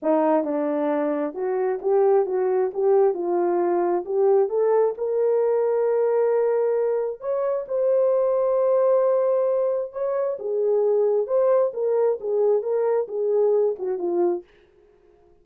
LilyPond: \new Staff \with { instrumentName = "horn" } { \time 4/4 \tempo 4 = 133 dis'4 d'2 fis'4 | g'4 fis'4 g'4 f'4~ | f'4 g'4 a'4 ais'4~ | ais'1 |
cis''4 c''2.~ | c''2 cis''4 gis'4~ | gis'4 c''4 ais'4 gis'4 | ais'4 gis'4. fis'8 f'4 | }